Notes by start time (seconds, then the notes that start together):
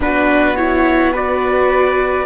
0.00 B3 D4 F#4 B4
0.56 E4 C#5
1.12 F#4 B4 D5